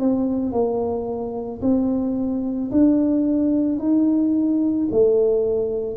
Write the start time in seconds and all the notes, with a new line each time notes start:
0.00 C4
0.53 A#3
1.62 C4
2.72 D4
3.79 D#4
4.92 A3